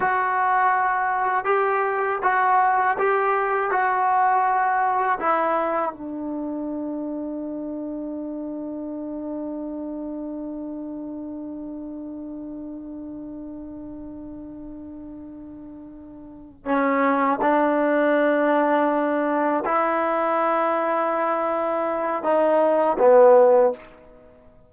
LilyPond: \new Staff \with { instrumentName = "trombone" } { \time 4/4 \tempo 4 = 81 fis'2 g'4 fis'4 | g'4 fis'2 e'4 | d'1~ | d'1~ |
d'1~ | d'2~ d'8 cis'4 d'8~ | d'2~ d'8 e'4.~ | e'2 dis'4 b4 | }